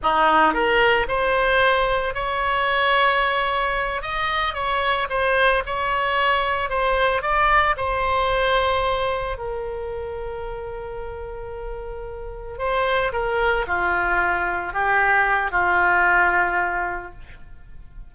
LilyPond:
\new Staff \with { instrumentName = "oboe" } { \time 4/4 \tempo 4 = 112 dis'4 ais'4 c''2 | cis''2.~ cis''8 dis''8~ | dis''8 cis''4 c''4 cis''4.~ | cis''8 c''4 d''4 c''4.~ |
c''4. ais'2~ ais'8~ | ais'2.~ ais'8 c''8~ | c''8 ais'4 f'2 g'8~ | g'4 f'2. | }